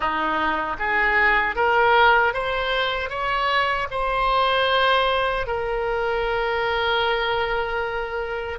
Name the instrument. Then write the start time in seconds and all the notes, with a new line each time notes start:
oboe
0.00 D#4
0.78 G#4
1.55 A#4
2.33 C5
3.09 C#5
3.91 C5
5.47 A#4